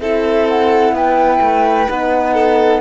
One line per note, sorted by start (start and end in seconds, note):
0.00 0.92 C4
0.00 1.88 E4
0.00 0.95 A4
0.00 0.47 E5
0.48 0.95 F#5
0.92 1.39 B3
0.92 2.33 B4
0.92 1.88 G5
1.41 1.88 A3
1.88 2.81 B3
1.88 2.81 D#4
1.88 2.81 F#5
2.33 2.80 A4